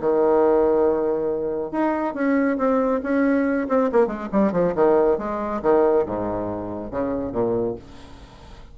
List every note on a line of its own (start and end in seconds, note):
0.00 1.71 D#3
1.71 2.14 D#4
2.14 2.57 C#4
2.58 3.01 C4
3.03 3.68 C#4
3.69 3.90 C4
3.92 4.07 A#3
4.07 4.28 G#3
4.32 4.52 G3
4.52 4.73 F3
4.75 5.18 D#3
5.18 5.61 G#3
5.62 6.05 D#3
6.06 6.91 G#2
6.91 7.32 C#3
7.32 7.75 A#2